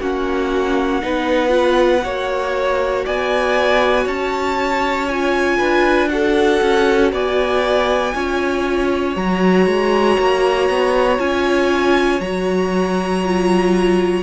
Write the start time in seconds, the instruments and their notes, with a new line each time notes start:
0.00 cello A#3, viola C#4, violin F#4 F#5
1.01 cello B3, viola D#4, violin B4
1.48 viola F4
2.03 cello A#3, viola F#4, violin C#5
3.05 cello B3, violin D5 G#5
4.03 cello C#4, violin C#5 A5
5.08 viola F4, violin G#5
5.57 cello D4, violin B4
6.09 viola F#4, violin A4 F#5
6.61 cello C#4
7.12 cello B3, violin D5 G#5
8.13 cello C#4, viola F4, violin C#5
9.15 cello F#3, viola F#4, violin A#5
9.66 cello G#3
10.18 cello A#3
10.69 cello B3
11.18 cello C#4, viola F4, violin G#5
12.20 cello F#3, viola F#4, violin A#5
13.24 viola F4